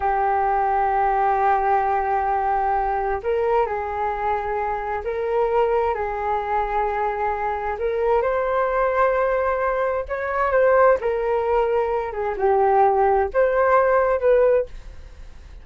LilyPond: \new Staff \with { instrumentName = "flute" } { \time 4/4 \tempo 4 = 131 g'1~ | g'2. ais'4 | gis'2. ais'4~ | ais'4 gis'2.~ |
gis'4 ais'4 c''2~ | c''2 cis''4 c''4 | ais'2~ ais'8 gis'8 g'4~ | g'4 c''2 b'4 | }